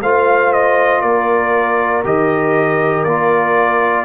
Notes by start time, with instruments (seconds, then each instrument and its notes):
0.00 tuba A3, trombone F4, horn C5, trumpet F5
0.52 trumpet D#5
1.01 tuba A#3, horn A#4, trumpet D5
2.04 tuba D#3, trombone G4, trumpet D#5
3.04 tuba A#3, trombone F4, trumpet D5